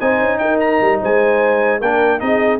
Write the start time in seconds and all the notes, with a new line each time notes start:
0.00 C4 D#4 C5 G#5
0.20 C#4
0.38 D#4 A#4 G5
0.60 A#5
0.81 G3
1.01 G#3 C5 G#5
1.80 A#3 D4 A#4 G5
2.20 C4 D#4 G#4 D#5